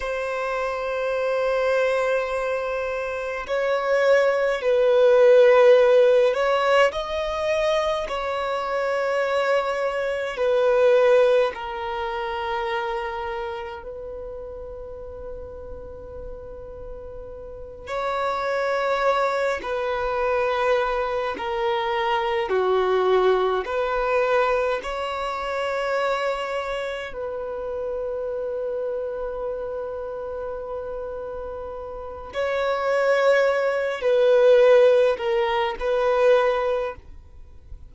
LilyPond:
\new Staff \with { instrumentName = "violin" } { \time 4/4 \tempo 4 = 52 c''2. cis''4 | b'4. cis''8 dis''4 cis''4~ | cis''4 b'4 ais'2 | b'2.~ b'8 cis''8~ |
cis''4 b'4. ais'4 fis'8~ | fis'8 b'4 cis''2 b'8~ | b'1 | cis''4. b'4 ais'8 b'4 | }